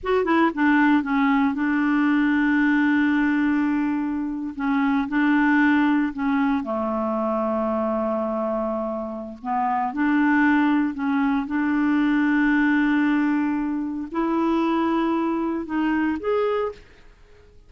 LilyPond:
\new Staff \with { instrumentName = "clarinet" } { \time 4/4 \tempo 4 = 115 fis'8 e'8 d'4 cis'4 d'4~ | d'1~ | d'8. cis'4 d'2 cis'16~ | cis'8. a2.~ a16~ |
a2 b4 d'4~ | d'4 cis'4 d'2~ | d'2. e'4~ | e'2 dis'4 gis'4 | }